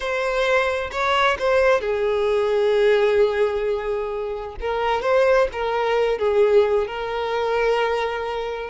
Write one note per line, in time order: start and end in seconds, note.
0.00 0.90 C5
0.91 1.37 C#5
1.38 1.80 C5
1.80 4.55 G#4
4.60 5.02 A#4
5.02 5.48 C5
5.52 6.18 A#4
6.18 6.87 G#4
6.87 8.70 A#4